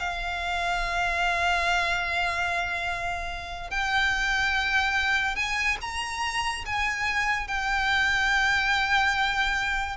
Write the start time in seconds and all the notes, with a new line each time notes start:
0.00 F5
3.70 G5
5.36 G#5
5.81 A#5
6.66 G#5
7.48 G5